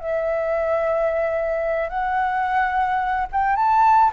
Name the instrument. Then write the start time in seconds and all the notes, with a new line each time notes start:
flute
0.00 E5
1.89 F#5
3.32 G5
3.56 A5